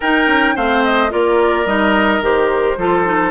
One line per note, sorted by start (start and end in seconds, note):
0.00 0.27 D#4
0.00 0.56 D#4
0.00 0.54 A#4
0.00 0.56 G5
0.27 0.54 C#4
0.55 1.12 A3
0.55 1.10 C4
0.55 1.11 C5
0.55 0.84 F5
0.84 1.11 D#5
1.10 1.65 A#3
1.10 1.65 F4
1.10 2.78 A#4
1.10 1.67 D5
1.65 2.20 G3
1.65 2.22 D#4
1.65 2.22 D#5
2.20 2.75 D#3
2.20 2.77 G4
2.20 3.31 C5
2.76 3.31 F3
2.76 3.05 F4
2.76 3.31 A4
3.05 3.31 D#4